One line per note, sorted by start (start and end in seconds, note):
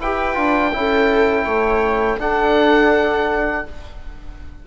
0.00 0.37 E4
0.00 0.35 G4
0.00 0.73 B4
0.00 2.21 G5
0.35 0.73 D4
0.35 0.71 F4
0.73 1.45 C#4
0.73 2.19 E4
0.73 1.45 A4
1.45 2.18 A3
1.45 2.18 C#5
2.18 3.65 D4
2.18 3.66 D4
2.18 3.65 A4
2.18 3.67 F#5